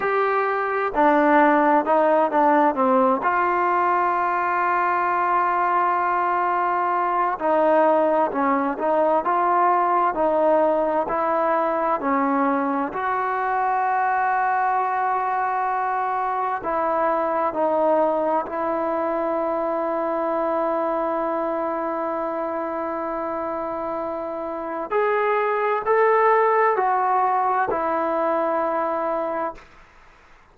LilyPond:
\new Staff \with { instrumentName = "trombone" } { \time 4/4 \tempo 4 = 65 g'4 d'4 dis'8 d'8 c'8 f'8~ | f'1 | dis'4 cis'8 dis'8 f'4 dis'4 | e'4 cis'4 fis'2~ |
fis'2 e'4 dis'4 | e'1~ | e'2. gis'4 | a'4 fis'4 e'2 | }